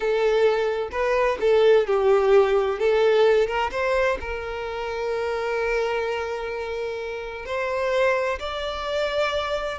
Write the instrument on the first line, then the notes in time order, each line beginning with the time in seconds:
violin
0.00 A4
0.91 B4
1.40 A4
1.86 G4
2.79 A4
3.47 A#4
3.71 C5
4.20 A#4
7.45 C5
8.39 D5